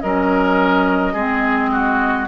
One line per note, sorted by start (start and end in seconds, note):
0.00 1.14 F#3
0.00 1.15 C#4
0.00 1.13 A#4
0.00 2.26 D#5
1.13 2.27 G#3
1.13 2.27 C4
1.13 1.69 G#4
1.71 2.27 F#4